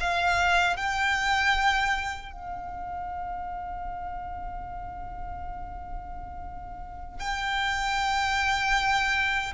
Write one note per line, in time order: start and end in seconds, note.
0.00 0.77 F5
0.77 2.32 G5
2.32 7.19 F5
7.19 9.53 G5